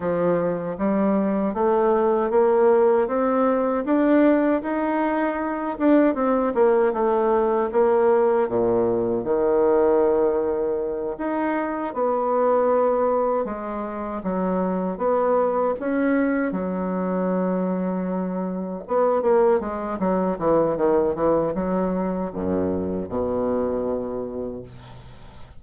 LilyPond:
\new Staff \with { instrumentName = "bassoon" } { \time 4/4 \tempo 4 = 78 f4 g4 a4 ais4 | c'4 d'4 dis'4. d'8 | c'8 ais8 a4 ais4 ais,4 | dis2~ dis8 dis'4 b8~ |
b4. gis4 fis4 b8~ | b8 cis'4 fis2~ fis8~ | fis8 b8 ais8 gis8 fis8 e8 dis8 e8 | fis4 fis,4 b,2 | }